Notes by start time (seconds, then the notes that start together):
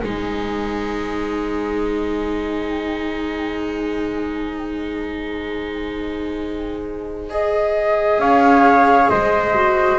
0.00 G#3 D#4 C5 G#5
7.30 G#4 D#5
8.19 C#4 C#5 F5
9.10 G#3 C5 D#5
9.55 F#4